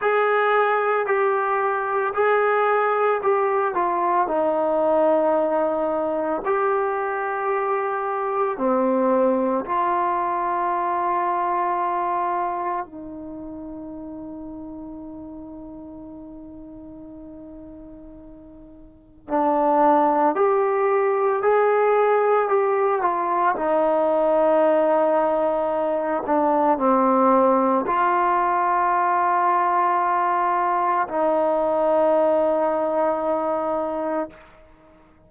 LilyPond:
\new Staff \with { instrumentName = "trombone" } { \time 4/4 \tempo 4 = 56 gis'4 g'4 gis'4 g'8 f'8 | dis'2 g'2 | c'4 f'2. | dis'1~ |
dis'2 d'4 g'4 | gis'4 g'8 f'8 dis'2~ | dis'8 d'8 c'4 f'2~ | f'4 dis'2. | }